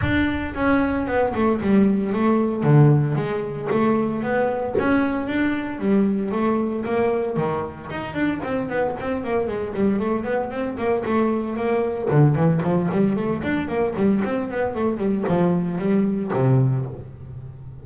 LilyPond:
\new Staff \with { instrumentName = "double bass" } { \time 4/4 \tempo 4 = 114 d'4 cis'4 b8 a8 g4 | a4 d4 gis4 a4 | b4 cis'4 d'4 g4 | a4 ais4 dis4 dis'8 d'8 |
c'8 b8 c'8 ais8 gis8 g8 a8 b8 | c'8 ais8 a4 ais4 d8 e8 | f8 g8 a8 d'8 ais8 g8 c'8 b8 | a8 g8 f4 g4 c4 | }